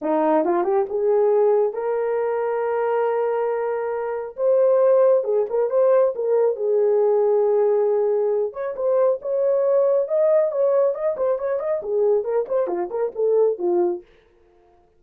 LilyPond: \new Staff \with { instrumentName = "horn" } { \time 4/4 \tempo 4 = 137 dis'4 f'8 g'8 gis'2 | ais'1~ | ais'2 c''2 | gis'8 ais'8 c''4 ais'4 gis'4~ |
gis'2.~ gis'8 cis''8 | c''4 cis''2 dis''4 | cis''4 dis''8 c''8 cis''8 dis''8 gis'4 | ais'8 c''8 f'8 ais'8 a'4 f'4 | }